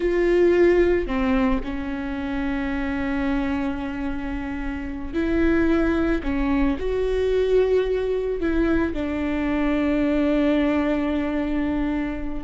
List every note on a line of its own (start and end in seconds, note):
0.00 1.07 F4
1.07 1.61 C4
1.63 5.13 C#4
5.13 6.21 E4
6.23 6.77 C#4
6.79 8.40 F#4
8.40 8.93 E4
8.93 12.44 D4